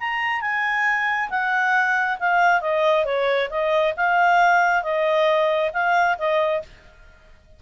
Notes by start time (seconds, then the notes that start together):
0.00 A#5
0.42 G#5
1.30 F#5
2.20 F5
2.61 D#5
3.05 C#5
3.50 D#5
3.97 F5
4.83 D#5
5.74 F5
6.19 D#5